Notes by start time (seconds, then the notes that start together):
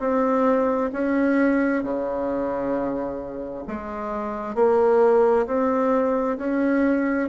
0.00 C4
0.93 C#4
1.83 C#3
3.68 G#3
4.55 A#3
5.47 C4
6.38 C#4